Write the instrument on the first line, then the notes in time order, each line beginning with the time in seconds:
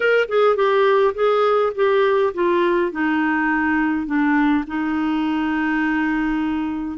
clarinet
0.00 A#4
0.28 G#4
0.55 G4
1.14 G#4
1.75 G4
2.34 F4
2.91 D#4
4.06 D4
4.67 D#4